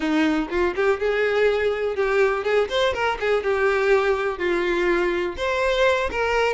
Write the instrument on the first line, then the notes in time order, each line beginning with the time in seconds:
violin
0.00 D#4
0.49 F4
0.75 G4
0.99 G#4
1.95 G4
2.44 G#4
2.69 C5
2.93 A#4
3.20 G#4
3.43 G4
4.38 F4
5.37 C5
6.11 A#4